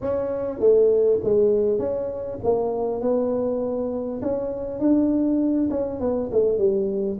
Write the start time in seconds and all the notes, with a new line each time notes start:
0.01 C#4
0.59 A3
1.23 G#3
1.78 C#4
2.43 A#3
3.01 B3
4.22 C#4
4.79 D4
5.70 C#4
5.99 B3
6.32 A3
6.58 G3